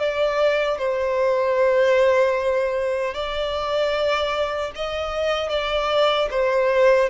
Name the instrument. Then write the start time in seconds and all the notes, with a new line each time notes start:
violin
0.00 D5
0.79 C5
3.14 D5
4.76 D#5
5.50 D5
6.31 C5